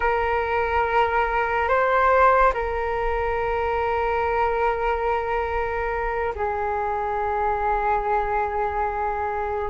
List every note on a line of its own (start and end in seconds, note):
0.00 1.68 A#4
1.68 2.52 C5
2.54 6.34 A#4
6.35 9.70 G#4